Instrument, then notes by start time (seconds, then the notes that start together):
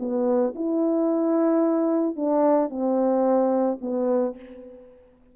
horn
0.00 B3
0.56 E4
2.17 D4
2.70 C4
3.82 B3